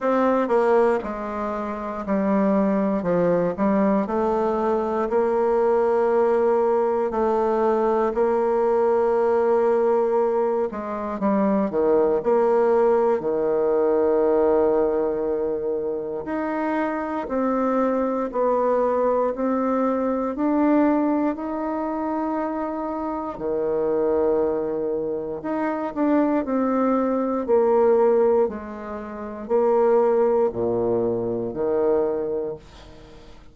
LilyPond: \new Staff \with { instrumentName = "bassoon" } { \time 4/4 \tempo 4 = 59 c'8 ais8 gis4 g4 f8 g8 | a4 ais2 a4 | ais2~ ais8 gis8 g8 dis8 | ais4 dis2. |
dis'4 c'4 b4 c'4 | d'4 dis'2 dis4~ | dis4 dis'8 d'8 c'4 ais4 | gis4 ais4 ais,4 dis4 | }